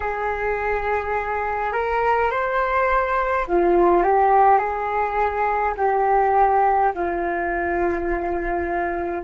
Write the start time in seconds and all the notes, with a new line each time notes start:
0.00 G#4
1.73 A#4
2.30 C5
3.47 F4
4.02 G4
4.58 G#4
5.77 G4
6.94 F4